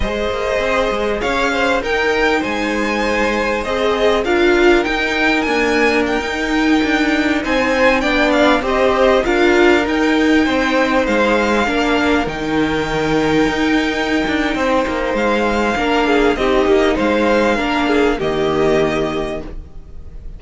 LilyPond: <<
  \new Staff \with { instrumentName = "violin" } { \time 4/4 \tempo 4 = 99 dis''2 f''4 g''4 | gis''2 dis''4 f''4 | g''4 gis''4 g''2~ | g''16 gis''4 g''8 f''8 dis''4 f''8.~ |
f''16 g''2 f''4.~ f''16~ | f''16 g''2.~ g''8.~ | g''4 f''2 dis''4 | f''2 dis''2 | }
  \new Staff \with { instrumentName = "violin" } { \time 4/4 c''2 cis''8 c''8 ais'4 | c''2. ais'4~ | ais'1~ | ais'16 c''4 d''4 c''4 ais'8.~ |
ais'4~ ais'16 c''2 ais'8.~ | ais'1 | c''2 ais'8 gis'8 g'4 | c''4 ais'8 gis'8 g'2 | }
  \new Staff \with { instrumentName = "viola" } { \time 4/4 gis'2. dis'4~ | dis'2 gis'4 f'4 | dis'4 ais4~ ais16 dis'4.~ dis'16~ | dis'4~ dis'16 d'4 g'4 f'8.~ |
f'16 dis'2. d'8.~ | d'16 dis'2.~ dis'8.~ | dis'2 d'4 dis'4~ | dis'4 d'4 ais2 | }
  \new Staff \with { instrumentName = "cello" } { \time 4/4 gis8 ais8 c'8 gis8 cis'4 dis'4 | gis2 c'4 d'4 | dis'4 d'4~ d'16 dis'4 d'8.~ | d'16 c'4 b4 c'4 d'8.~ |
d'16 dis'4 c'4 gis4 ais8.~ | ais16 dis2 dis'4~ dis'16 d'8 | c'8 ais8 gis4 ais4 c'8 ais8 | gis4 ais4 dis2 | }
>>